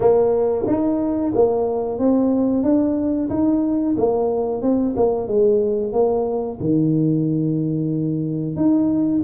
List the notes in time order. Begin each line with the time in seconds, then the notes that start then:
0.00 A#3
0.67 D#4
1.34 A#3
1.98 C4
2.63 D4
3.29 D#4
3.97 A#3
4.62 C4
4.96 A#3
5.27 G#3
5.92 A#3
6.60 D#3
8.55 D#4